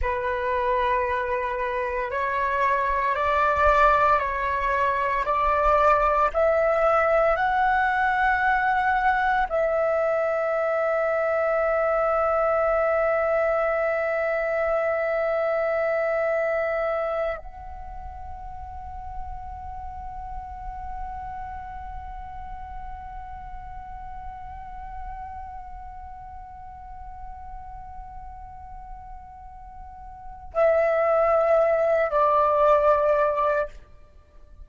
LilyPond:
\new Staff \with { instrumentName = "flute" } { \time 4/4 \tempo 4 = 57 b'2 cis''4 d''4 | cis''4 d''4 e''4 fis''4~ | fis''4 e''2.~ | e''1~ |
e''8 fis''2.~ fis''8~ | fis''1~ | fis''1~ | fis''4 e''4. d''4. | }